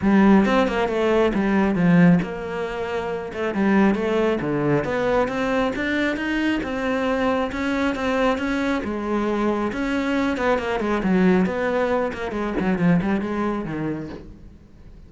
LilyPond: \new Staff \with { instrumentName = "cello" } { \time 4/4 \tempo 4 = 136 g4 c'8 ais8 a4 g4 | f4 ais2~ ais8 a8 | g4 a4 d4 b4 | c'4 d'4 dis'4 c'4~ |
c'4 cis'4 c'4 cis'4 | gis2 cis'4. b8 | ais8 gis8 fis4 b4. ais8 | gis8 fis8 f8 g8 gis4 dis4 | }